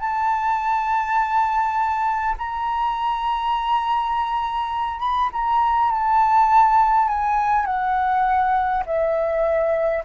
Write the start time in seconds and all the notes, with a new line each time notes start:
0.00 A5
2.38 A#5
4.99 B5
5.33 A#5
5.91 A5
7.08 G#5
7.66 F#5
8.86 E5